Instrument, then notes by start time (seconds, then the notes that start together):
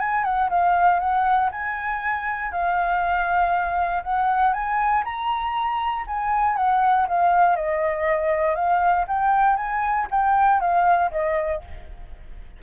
flute
0.00 G#5
0.24 F#5
0.50 F5
1.00 F#5
1.52 G#5
2.52 F5
4.03 F#5
4.54 G#5
5.05 A#5
6.07 G#5
6.57 F#5
7.08 F5
7.56 D#5
8.56 F5
9.08 G5
9.57 G#5
10.11 G5
10.61 F5
11.12 D#5